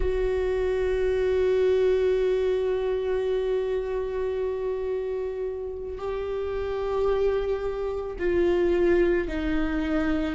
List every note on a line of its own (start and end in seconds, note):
0.00 5.98 F#4
5.98 8.16 G4
8.18 9.27 F4
9.27 10.35 D#4